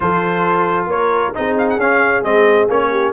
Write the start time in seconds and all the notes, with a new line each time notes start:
0.00 F3 F4 A4 C5
0.86 A#3 A#4 C#5
1.34 C4 D#4 G#4 D#5
1.57 F5
1.69 F#5
1.77 C#4 F5
2.23 G#3 C4 D#5
2.68 A#3 C#4 C#5
2.90 G4